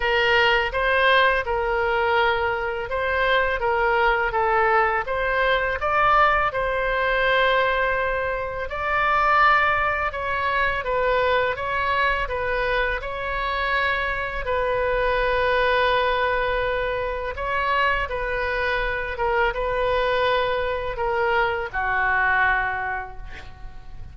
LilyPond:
\new Staff \with { instrumentName = "oboe" } { \time 4/4 \tempo 4 = 83 ais'4 c''4 ais'2 | c''4 ais'4 a'4 c''4 | d''4 c''2. | d''2 cis''4 b'4 |
cis''4 b'4 cis''2 | b'1 | cis''4 b'4. ais'8 b'4~ | b'4 ais'4 fis'2 | }